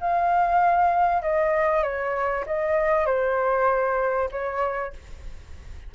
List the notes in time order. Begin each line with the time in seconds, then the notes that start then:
0.00 F5
1.22 D#5
1.83 C#5
2.46 D#5
3.06 C5
4.31 C#5